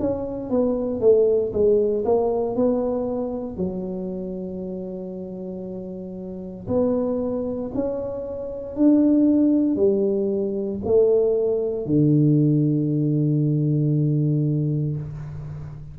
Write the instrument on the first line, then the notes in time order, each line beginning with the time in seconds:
tuba
0.00 C#4
0.51 B3
1.01 A3
1.53 G#3
2.05 A#3
2.56 B3
3.57 F#3
6.68 B3
7.75 C#4
8.76 D4
9.77 G3
10.85 A3
11.86 D3